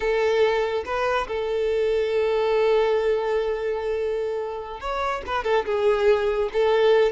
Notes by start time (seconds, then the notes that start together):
0.00 A4
0.85 B4
1.27 A4
4.80 C#5
5.26 B4
5.44 A4
5.65 G#4
6.52 A4